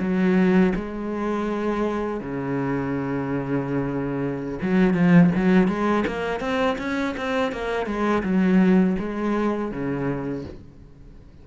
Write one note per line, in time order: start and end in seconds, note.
0.00 0.73 F#3
0.75 2.21 G#3
2.21 4.59 C#3
4.62 4.94 F#3
4.94 5.30 F3
5.36 5.68 F#3
5.68 6.04 G#3
6.07 6.41 A#3
6.41 6.77 C4
6.78 7.15 C#4
7.17 7.52 C4
7.52 7.86 A#3
7.86 8.23 G#3
8.23 8.96 F#3
8.99 9.72 G#3
9.72 10.45 C#3